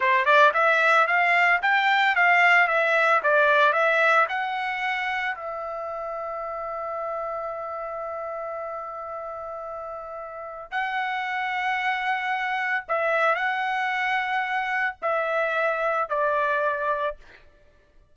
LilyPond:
\new Staff \with { instrumentName = "trumpet" } { \time 4/4 \tempo 4 = 112 c''8 d''8 e''4 f''4 g''4 | f''4 e''4 d''4 e''4 | fis''2 e''2~ | e''1~ |
e''1 | fis''1 | e''4 fis''2. | e''2 d''2 | }